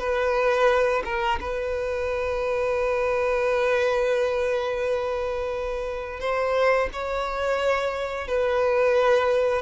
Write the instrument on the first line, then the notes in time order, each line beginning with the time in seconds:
violin
0.00 B4
1.05 A#4
1.41 B4
6.21 C5
6.93 C#5
8.28 B4